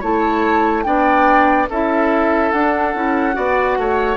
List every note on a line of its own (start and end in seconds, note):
0.00 0.86 A3
0.00 0.85 E4
0.00 0.83 C#5
0.00 0.84 A5
0.84 1.69 B3
0.84 1.68 D4
0.84 1.70 D5
0.84 1.67 G5
1.69 2.53 C#4
1.69 2.54 E4
1.69 3.36 A4
1.69 2.51 E5
2.51 2.95 D4
2.51 2.96 D4
2.51 4.17 F#5
2.95 3.36 C#4
2.95 3.33 E4
3.33 3.78 B3
3.33 4.17 F#4
3.33 3.78 D5
3.78 4.17 A3
3.78 4.17 C#5